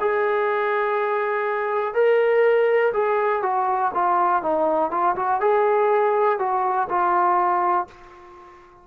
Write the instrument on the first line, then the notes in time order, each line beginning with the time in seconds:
trombone
0.00 G#4
1.94 A#4
2.93 G#4
3.42 F#4
3.94 F4
4.42 D#4
4.91 F4
5.15 F#4
5.40 G#4
6.39 F#4
6.89 F4